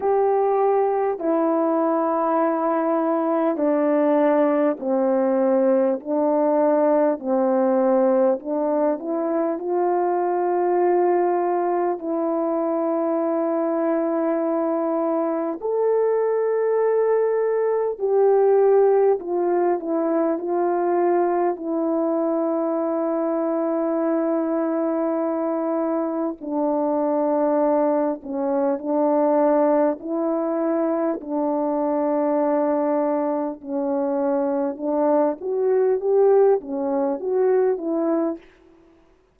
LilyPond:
\new Staff \with { instrumentName = "horn" } { \time 4/4 \tempo 4 = 50 g'4 e'2 d'4 | c'4 d'4 c'4 d'8 e'8 | f'2 e'2~ | e'4 a'2 g'4 |
f'8 e'8 f'4 e'2~ | e'2 d'4. cis'8 | d'4 e'4 d'2 | cis'4 d'8 fis'8 g'8 cis'8 fis'8 e'8 | }